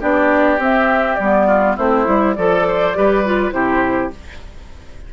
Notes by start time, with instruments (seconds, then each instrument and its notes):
0.00 bassoon B3, clarinet D4, oboe G4, flute D5
0.58 bassoon C4, clarinet C4, flute E5
1.15 bassoon G3, flute D5
1.21 clarinet B3
1.47 oboe F4
1.76 bassoon A3, clarinet C4, oboe E4, flute C5
2.05 bassoon G3, clarinet E4
2.35 bassoon F3, oboe A4, clarinet A4, flute D5
2.68 oboe C5
2.95 bassoon G3, clarinet G4, oboe B4
3.25 clarinet F4
3.51 bassoon C3, clarinet E4, oboe G4, flute C5